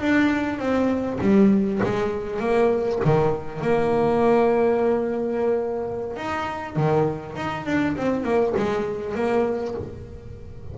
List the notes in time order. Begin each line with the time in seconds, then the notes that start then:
0.00 D4
0.59 C4
1.21 G3
1.83 G#3
2.39 A#3
3.04 D#3
3.61 A#3
6.16 D#4
6.76 D#3
7.36 D#4
7.66 D4
7.96 C4
8.23 A#3
8.56 G#3
9.14 A#3